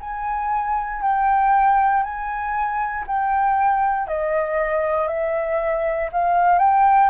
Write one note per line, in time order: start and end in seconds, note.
0.00 1.02 G#5
1.02 2.03 G5
2.03 3.05 G#5
3.07 4.08 G5
4.08 5.08 D#5
5.08 6.10 E5
6.12 6.59 F5
6.59 7.10 G5